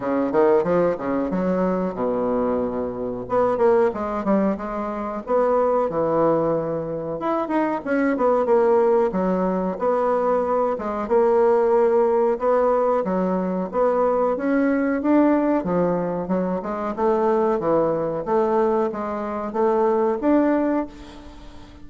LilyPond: \new Staff \with { instrumentName = "bassoon" } { \time 4/4 \tempo 4 = 92 cis8 dis8 f8 cis8 fis4 b,4~ | b,4 b8 ais8 gis8 g8 gis4 | b4 e2 e'8 dis'8 | cis'8 b8 ais4 fis4 b4~ |
b8 gis8 ais2 b4 | fis4 b4 cis'4 d'4 | f4 fis8 gis8 a4 e4 | a4 gis4 a4 d'4 | }